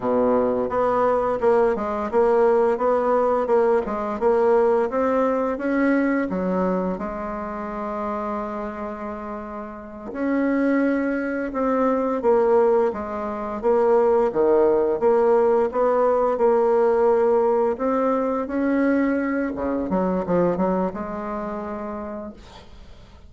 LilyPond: \new Staff \with { instrumentName = "bassoon" } { \time 4/4 \tempo 4 = 86 b,4 b4 ais8 gis8 ais4 | b4 ais8 gis8 ais4 c'4 | cis'4 fis4 gis2~ | gis2~ gis8 cis'4.~ |
cis'8 c'4 ais4 gis4 ais8~ | ais8 dis4 ais4 b4 ais8~ | ais4. c'4 cis'4. | cis8 fis8 f8 fis8 gis2 | }